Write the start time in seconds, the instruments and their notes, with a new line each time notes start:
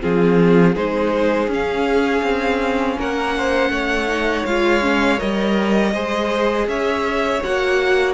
0.00 cello F3, viola C4, violin F4 G#4
0.74 cello G#3, viola D#4, violin G#4 C5
1.48 cello C#4, viola C#4
1.54 violin F5
2.22 cello C4
2.98 cello A#3, violin A#4 F#5
3.37 violin C5
3.69 cello A3, violin C#5
4.08 viola D#4
4.45 cello G#3, viola F4, violin F5
4.81 viola C#4
5.18 cello G3, viola A#4, violin D#5
5.93 cello G#3, viola G#4, violin C5
6.67 cello C#4, violin C#5 E5
7.43 cello A#3, viola F#4, violin F#5